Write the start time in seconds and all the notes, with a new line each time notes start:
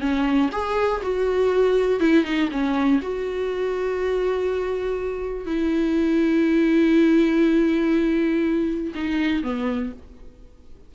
0.00 C#4
0.52 G#4
1.02 F#4
2.00 E4
2.24 D#4
2.51 C#4
3.02 F#4
5.46 E4
8.95 D#4
9.43 B3